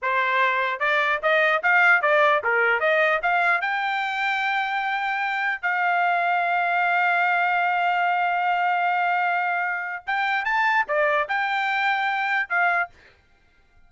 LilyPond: \new Staff \with { instrumentName = "trumpet" } { \time 4/4 \tempo 4 = 149 c''2 d''4 dis''4 | f''4 d''4 ais'4 dis''4 | f''4 g''2.~ | g''2 f''2~ |
f''1~ | f''1~ | f''4 g''4 a''4 d''4 | g''2. f''4 | }